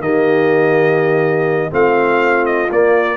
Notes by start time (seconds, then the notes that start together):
0.00 D#3 A#3 G4 D#5
1.71 A3 C4 F4 F5
2.46 D#5
2.71 A#3 D5